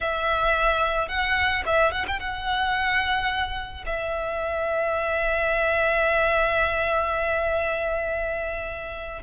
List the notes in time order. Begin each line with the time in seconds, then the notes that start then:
0.00 E5
1.08 F#5
1.65 E5
1.91 F#5
2.07 G5
2.19 F#5
3.85 E5